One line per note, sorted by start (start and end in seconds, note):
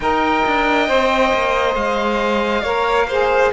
0.00 0.44 D#4
0.00 0.87 A#4
0.00 2.62 D#5
0.00 1.75 G5
0.46 0.89 D4
0.87 1.33 C4
0.87 2.64 C5
1.33 1.75 A#3
1.75 2.62 G#3
1.75 3.51 F5
2.62 3.51 A#3
2.62 3.08 A#4
2.62 3.06 C#5
3.08 3.52 G#4
3.08 3.52 C5